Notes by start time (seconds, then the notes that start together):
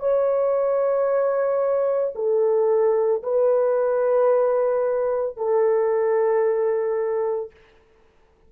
0.00 C#5
2.16 A4
3.23 B4
5.37 A4